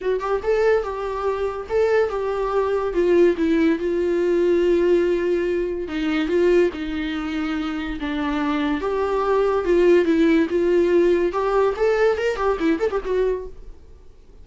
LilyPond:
\new Staff \with { instrumentName = "viola" } { \time 4/4 \tempo 4 = 143 fis'8 g'8 a'4 g'2 | a'4 g'2 f'4 | e'4 f'2.~ | f'2 dis'4 f'4 |
dis'2. d'4~ | d'4 g'2 f'4 | e'4 f'2 g'4 | a'4 ais'8 g'8 e'8 a'16 g'16 fis'4 | }